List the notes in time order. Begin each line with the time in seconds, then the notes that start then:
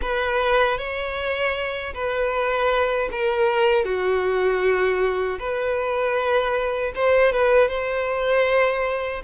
0.01 B4
0.78 C#5
1.94 B4
3.11 A#4
3.85 F#4
5.38 B4
6.95 C5
7.32 B4
7.68 C5